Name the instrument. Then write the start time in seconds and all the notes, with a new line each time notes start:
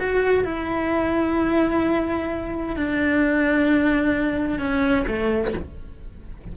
cello
0.00 F#4
0.45 E4
2.77 D4
4.59 C#4
5.08 A3